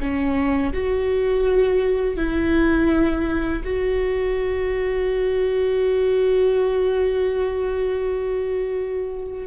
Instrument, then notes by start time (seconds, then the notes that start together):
viola
0.00 C#4
0.74 F#4
2.17 E4
3.64 F#4